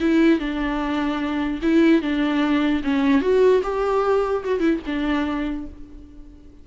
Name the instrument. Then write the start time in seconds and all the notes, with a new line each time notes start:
viola
0.00 E4
0.39 D4
1.62 E4
2.01 D4
2.84 C#4
3.21 F#4
3.63 G4
4.44 F#4
4.59 E4
4.86 D4